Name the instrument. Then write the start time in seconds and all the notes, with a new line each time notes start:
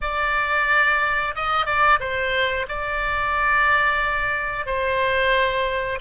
oboe
0.01 D5
1.35 D#5
1.65 D5
1.99 C5
2.68 D5
4.65 C5